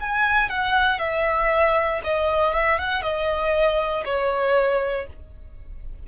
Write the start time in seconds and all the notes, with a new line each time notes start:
0.00 G#5
0.49 F#5
0.99 E5
2.03 D#5
2.53 E5
2.79 F#5
3.02 D#5
4.05 C#5